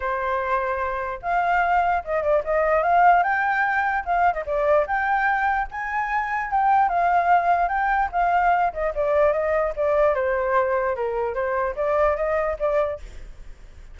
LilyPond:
\new Staff \with { instrumentName = "flute" } { \time 4/4 \tempo 4 = 148 c''2. f''4~ | f''4 dis''8 d''8 dis''4 f''4 | g''2 f''8. dis''16 d''4 | g''2 gis''2 |
g''4 f''2 g''4 | f''4. dis''8 d''4 dis''4 | d''4 c''2 ais'4 | c''4 d''4 dis''4 d''4 | }